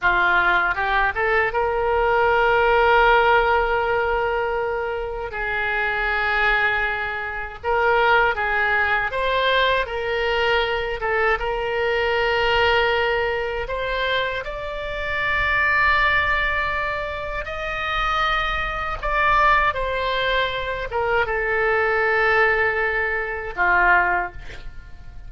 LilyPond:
\new Staff \with { instrumentName = "oboe" } { \time 4/4 \tempo 4 = 79 f'4 g'8 a'8 ais'2~ | ais'2. gis'4~ | gis'2 ais'4 gis'4 | c''4 ais'4. a'8 ais'4~ |
ais'2 c''4 d''4~ | d''2. dis''4~ | dis''4 d''4 c''4. ais'8 | a'2. f'4 | }